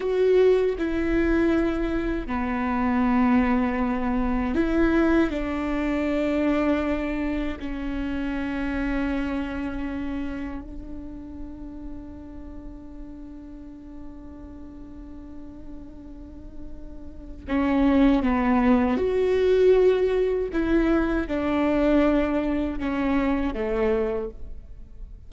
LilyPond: \new Staff \with { instrumentName = "viola" } { \time 4/4 \tempo 4 = 79 fis'4 e'2 b4~ | b2 e'4 d'4~ | d'2 cis'2~ | cis'2 d'2~ |
d'1~ | d'2. cis'4 | b4 fis'2 e'4 | d'2 cis'4 a4 | }